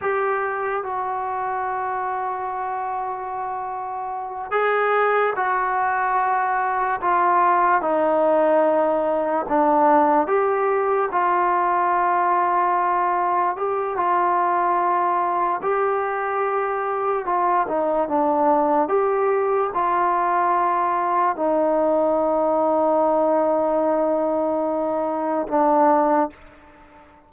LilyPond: \new Staff \with { instrumentName = "trombone" } { \time 4/4 \tempo 4 = 73 g'4 fis'2.~ | fis'4. gis'4 fis'4.~ | fis'8 f'4 dis'2 d'8~ | d'8 g'4 f'2~ f'8~ |
f'8 g'8 f'2 g'4~ | g'4 f'8 dis'8 d'4 g'4 | f'2 dis'2~ | dis'2. d'4 | }